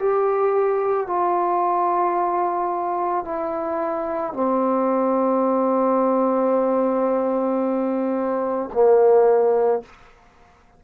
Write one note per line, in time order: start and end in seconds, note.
0.00 1.08 G4
1.08 3.25 F4
3.25 4.34 E4
4.34 8.70 C4
8.74 9.83 A#3